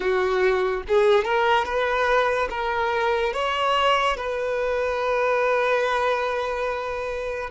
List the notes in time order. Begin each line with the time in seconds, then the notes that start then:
0.00 F#4
0.87 G#4
1.24 A#4
1.64 B4
2.50 A#4
3.33 C#5
4.16 B4